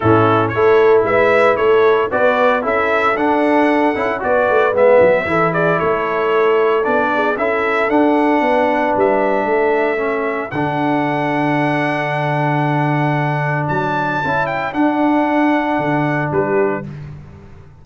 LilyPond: <<
  \new Staff \with { instrumentName = "trumpet" } { \time 4/4 \tempo 4 = 114 a'4 cis''4 e''4 cis''4 | d''4 e''4 fis''2 | d''4 e''4. d''8 cis''4~ | cis''4 d''4 e''4 fis''4~ |
fis''4 e''2. | fis''1~ | fis''2 a''4. g''8 | fis''2. b'4 | }
  \new Staff \with { instrumentName = "horn" } { \time 4/4 e'4 a'4 b'4 a'4 | b'4 a'2. | b'2 a'8 gis'8 a'4~ | a'4. gis'8 a'2 |
b'2 a'2~ | a'1~ | a'1~ | a'2. g'4 | }
  \new Staff \with { instrumentName = "trombone" } { \time 4/4 cis'4 e'2. | fis'4 e'4 d'4. e'8 | fis'4 b4 e'2~ | e'4 d'4 e'4 d'4~ |
d'2. cis'4 | d'1~ | d'2. e'4 | d'1 | }
  \new Staff \with { instrumentName = "tuba" } { \time 4/4 a,4 a4 gis4 a4 | b4 cis'4 d'4. cis'8 | b8 a8 gis8 fis8 e4 a4~ | a4 b4 cis'4 d'4 |
b4 g4 a2 | d1~ | d2 fis4 cis'4 | d'2 d4 g4 | }
>>